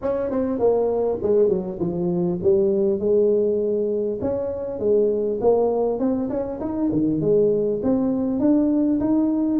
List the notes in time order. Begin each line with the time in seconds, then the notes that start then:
0.02 C#4
0.30 C4
0.59 A#3
1.22 G#3
1.48 F#3
1.79 F3
2.42 G3
2.99 G#3
4.21 C#4
4.79 G#3
5.40 A#3
5.99 C4
6.29 C#4
6.60 D#4
6.92 D#3
7.20 G#3
7.82 C4
8.39 D4
9.00 D#4